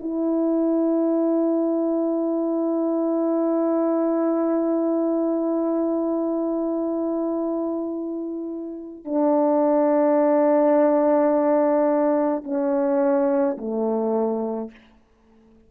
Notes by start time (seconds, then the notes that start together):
0.00 E4
9.04 D4
12.43 C#4
13.57 A3